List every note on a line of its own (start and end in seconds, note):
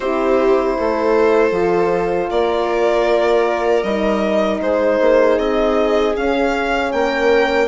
0.00 0.77 C4
0.00 1.52 E4
0.00 0.77 G4
0.00 2.29 C5
0.78 1.51 A3
0.78 2.30 A4
1.51 2.28 F3
1.51 3.83 F4
2.30 3.83 A#3
2.30 4.61 A#4
2.30 3.83 D5
3.83 4.60 G3
3.83 6.15 D#4
3.83 4.60 D#5
4.60 4.99 G#3
4.60 6.93 G#4
4.60 5.38 C5
5.00 5.37 A#3
5.37 6.14 C4
5.37 6.15 D#5
6.15 7.67 C#4
6.15 6.92 C#4
6.15 6.92 F5
6.92 7.67 A#3
6.92 7.67 A#4
6.92 7.67 G5